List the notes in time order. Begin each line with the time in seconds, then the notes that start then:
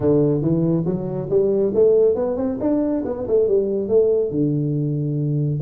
0.00 D3
0.41 E3
0.85 F#3
1.30 G3
1.74 A3
2.15 B3
2.36 C4
2.60 D4
3.05 B3
3.27 A3
3.47 G3
3.88 A3
4.30 D3